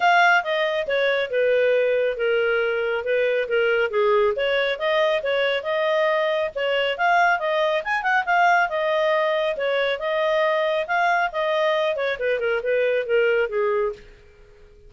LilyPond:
\new Staff \with { instrumentName = "clarinet" } { \time 4/4 \tempo 4 = 138 f''4 dis''4 cis''4 b'4~ | b'4 ais'2 b'4 | ais'4 gis'4 cis''4 dis''4 | cis''4 dis''2 cis''4 |
f''4 dis''4 gis''8 fis''8 f''4 | dis''2 cis''4 dis''4~ | dis''4 f''4 dis''4. cis''8 | b'8 ais'8 b'4 ais'4 gis'4 | }